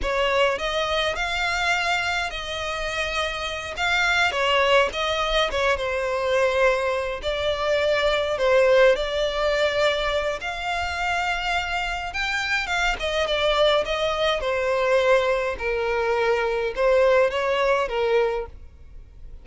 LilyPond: \new Staff \with { instrumentName = "violin" } { \time 4/4 \tempo 4 = 104 cis''4 dis''4 f''2 | dis''2~ dis''8 f''4 cis''8~ | cis''8 dis''4 cis''8 c''2~ | c''8 d''2 c''4 d''8~ |
d''2 f''2~ | f''4 g''4 f''8 dis''8 d''4 | dis''4 c''2 ais'4~ | ais'4 c''4 cis''4 ais'4 | }